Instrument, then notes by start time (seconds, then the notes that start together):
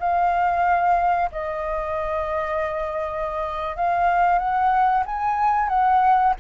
flute
0.00 F5
1.32 D#5
3.76 F5
4.39 F#5
5.06 G#5
5.69 F#5